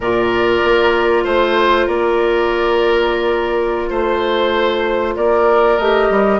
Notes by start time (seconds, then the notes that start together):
0.00 A#2 F4 A#4 D5
0.64 A#3
1.24 A3 C5
1.86 A#3 A#4 D5
3.89 A3 C5
5.16 A#3 A#4 D5
5.77 A3 G4 D#5
6.10 G3